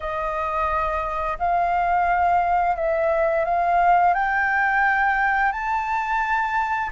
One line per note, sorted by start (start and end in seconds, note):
0.00 1.38 D#5
1.39 2.76 F5
2.76 3.45 E5
3.45 4.13 F5
4.13 5.51 G5
5.52 6.90 A5